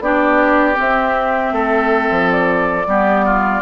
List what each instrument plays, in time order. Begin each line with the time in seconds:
0.00 bassoon B3, clarinet D4, oboe G4, flute D5
0.74 clarinet C4, bassoon C4, flute E5
1.52 bassoon A3, oboe A4
2.10 bassoon F3
2.31 flute D5
2.87 bassoon G3, clarinet B3, oboe G4
3.25 oboe F4